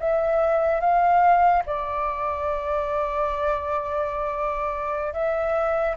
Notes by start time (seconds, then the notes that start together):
0.00 E5
0.81 F5
1.66 D5
5.14 E5